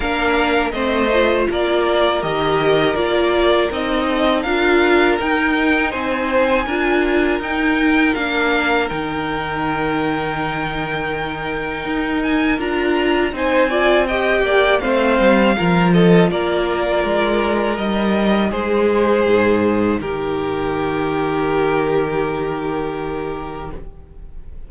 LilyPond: <<
  \new Staff \with { instrumentName = "violin" } { \time 4/4 \tempo 4 = 81 f''4 dis''4 d''4 dis''4 | d''4 dis''4 f''4 g''4 | gis''2 g''4 f''4 | g''1~ |
g''8 gis''8 ais''4 gis''4 g''4 | f''4. dis''8 d''2 | dis''4 c''2 ais'4~ | ais'1 | }
  \new Staff \with { instrumentName = "violin" } { \time 4/4 ais'4 c''4 ais'2~ | ais'4. a'8 ais'2 | c''4 ais'2.~ | ais'1~ |
ais'2 c''8 d''8 dis''8 d''8 | c''4 ais'8 a'8 ais'2~ | ais'4 gis'2 g'4~ | g'1 | }
  \new Staff \with { instrumentName = "viola" } { \time 4/4 d'4 c'8 f'4. g'4 | f'4 dis'4 f'4 dis'4~ | dis'4 f'4 dis'4 d'4 | dis'1~ |
dis'4 f'4 dis'8 f'8 g'4 | c'4 f'2. | dis'1~ | dis'1 | }
  \new Staff \with { instrumentName = "cello" } { \time 4/4 ais4 a4 ais4 dis4 | ais4 c'4 d'4 dis'4 | c'4 d'4 dis'4 ais4 | dis1 |
dis'4 d'4 c'4. ais8 | a8 g8 f4 ais4 gis4 | g4 gis4 gis,4 dis4~ | dis1 | }
>>